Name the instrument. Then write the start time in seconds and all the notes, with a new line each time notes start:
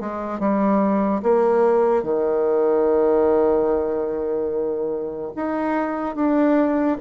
bassoon
0.00 G#3
0.39 G3
1.23 A#3
2.02 D#3
5.36 D#4
6.15 D4